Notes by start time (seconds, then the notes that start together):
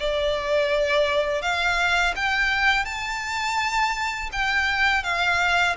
0.00 D5
1.42 F5
2.16 G5
2.85 A5
4.32 G5
5.04 F5